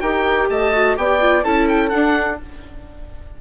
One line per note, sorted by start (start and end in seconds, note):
0.00 0.49 D#4
0.00 0.73 G4
0.00 0.49 A#4
0.00 0.48 G5
0.49 0.97 A3
0.49 0.97 D#5
0.49 0.97 A5
0.73 0.96 F#4
0.96 1.45 B3
0.96 1.20 G4
0.96 1.44 D5
0.96 1.43 G5
1.20 1.44 F4
1.43 1.93 C#4
1.43 1.91 E4
1.43 2.39 A4
1.43 1.67 A5
1.68 1.89 G5
1.89 2.39 D4
1.89 2.41 D4
1.89 2.36 F#5